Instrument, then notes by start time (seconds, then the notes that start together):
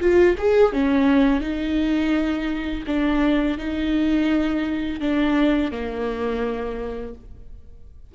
viola
0.00 F4
0.38 G#4
0.72 C#4
1.41 D#4
2.86 D4
3.57 D#4
5.00 D4
5.71 A#3